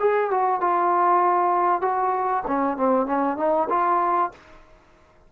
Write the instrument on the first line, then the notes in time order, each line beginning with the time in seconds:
trombone
0.00 G#4
0.31 F#4
0.61 F4
1.82 F#4
2.47 C#4
2.78 C4
3.06 C#4
3.37 D#4
3.70 F4